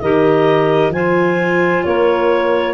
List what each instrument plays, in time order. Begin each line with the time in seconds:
0.00 tuba D#3, clarinet G4 D#5, saxophone A#4
0.89 tuba F3, clarinet F4 G#5, saxophone C5
1.84 tuba A#3, saxophone A#4, clarinet C#5